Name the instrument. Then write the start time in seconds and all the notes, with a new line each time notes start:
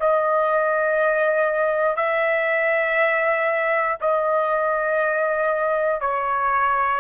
trumpet
0.00 D#5
1.96 E5
4.01 D#5
6.01 C#5